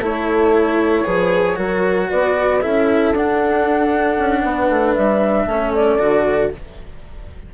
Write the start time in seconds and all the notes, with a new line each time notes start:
0.00 A3 E4 A4 C#5
1.03 F3 G#4 B4
1.56 F#3 F#4 A#4
2.10 B3 B4 D5
2.60 C#4 E4 A4 E5
3.13 D4 F#5
4.19 C#4
4.42 B3 B4
4.69 A3
4.94 G3 E5
5.46 A3 C#4 A4
5.74 D5
5.99 D3 F#4